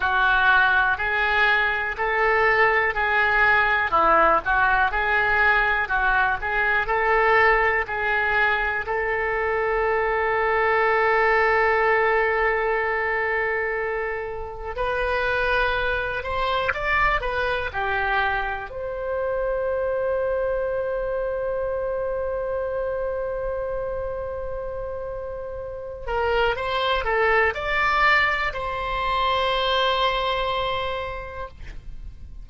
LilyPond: \new Staff \with { instrumentName = "oboe" } { \time 4/4 \tempo 4 = 61 fis'4 gis'4 a'4 gis'4 | e'8 fis'8 gis'4 fis'8 gis'8 a'4 | gis'4 a'2.~ | a'2. b'4~ |
b'8 c''8 d''8 b'8 g'4 c''4~ | c''1~ | c''2~ c''8 ais'8 c''8 a'8 | d''4 c''2. | }